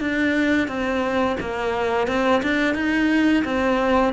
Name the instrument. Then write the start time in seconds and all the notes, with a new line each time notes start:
cello
0.00 D4
0.67 C4
1.40 A#3
2.07 C4
2.42 D4
2.74 D#4
3.44 C4